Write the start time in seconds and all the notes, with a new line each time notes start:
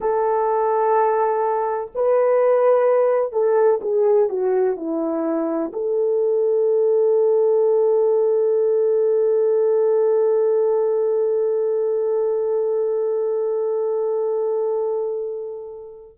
0.00 A4
1.94 B4
3.32 A4
3.81 G#4
4.29 F#4
4.76 E4
5.72 A4